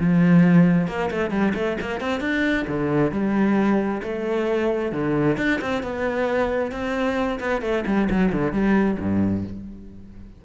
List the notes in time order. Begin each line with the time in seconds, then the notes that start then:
0.00 F3
0.88 A#3
1.11 A3
1.31 G3
1.55 A3
1.81 A#3
2.01 C4
2.21 D4
2.68 D3
3.12 G3
4.03 A3
4.93 D3
5.38 D4
5.62 C4
5.83 B3
6.72 C4
7.40 B3
7.62 A3
7.87 G3
8.10 F#3
8.33 D3
8.53 G3
9.00 G2